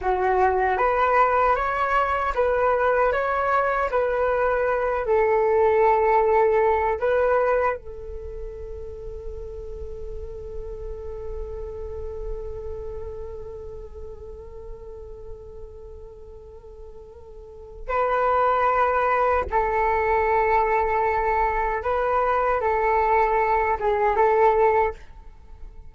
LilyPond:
\new Staff \with { instrumentName = "flute" } { \time 4/4 \tempo 4 = 77 fis'4 b'4 cis''4 b'4 | cis''4 b'4. a'4.~ | a'4 b'4 a'2~ | a'1~ |
a'1~ | a'2. b'4~ | b'4 a'2. | b'4 a'4. gis'8 a'4 | }